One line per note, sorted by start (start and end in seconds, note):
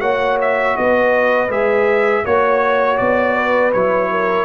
0.00 0.75 A#3
0.00 1.48 F#4
0.00 0.75 C#5
0.00 0.38 F#5
0.41 0.76 E5
0.76 1.49 B3
0.76 2.25 B4
0.76 1.50 D#5
1.49 2.23 G#3
1.49 2.24 G#4
1.49 2.25 E5
2.25 3.00 A#3
2.25 3.73 F#4
2.25 3.35 C#5
2.25 2.97 C#5
2.97 3.74 B3
2.97 3.71 D5
3.35 4.09 B4
3.72 4.45 F#3
3.72 4.45 E4
3.72 4.45 C#5
4.11 4.45 A#4